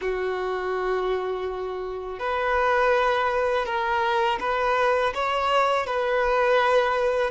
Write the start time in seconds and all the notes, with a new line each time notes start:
0.01 F#4
2.19 B4
3.65 A#4
4.39 B4
5.14 C#5
5.86 B4